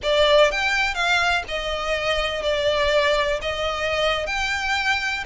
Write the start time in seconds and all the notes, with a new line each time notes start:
0.02 D5
0.51 G5
0.94 F5
1.48 D#5
2.42 D5
3.41 D#5
4.26 G5